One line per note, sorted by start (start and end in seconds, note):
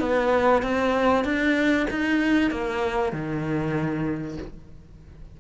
0.00 0.62 B3
0.63 1.24 C4
1.24 1.87 D4
1.91 2.51 D#4
2.51 3.13 A#3
3.13 4.38 D#3